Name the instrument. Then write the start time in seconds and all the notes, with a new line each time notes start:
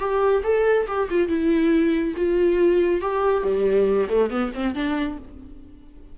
viola
0.00 G4
0.44 A4
0.87 G4
1.10 F4
1.28 E4
2.17 F4
3.02 G4
3.43 G3
4.09 A3
4.30 B3
4.54 C4
4.75 D4